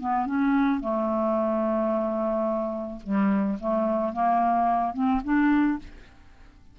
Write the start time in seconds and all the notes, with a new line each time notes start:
0.00 B3
0.26 C#4
0.81 A3
3.04 G3
3.60 A3
4.13 A#3
4.94 C4
5.24 D4